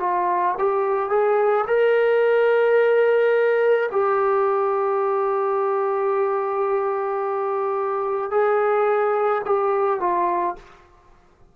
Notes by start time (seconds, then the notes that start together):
0.00 F4
0.59 G4
1.10 G#4
1.67 A#4
3.92 G4
8.31 G#4
9.45 G4
10.00 F4